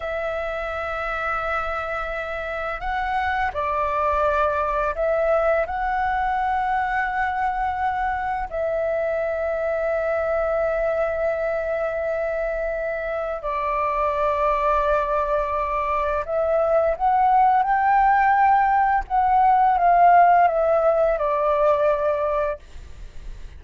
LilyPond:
\new Staff \with { instrumentName = "flute" } { \time 4/4 \tempo 4 = 85 e''1 | fis''4 d''2 e''4 | fis''1 | e''1~ |
e''2. d''4~ | d''2. e''4 | fis''4 g''2 fis''4 | f''4 e''4 d''2 | }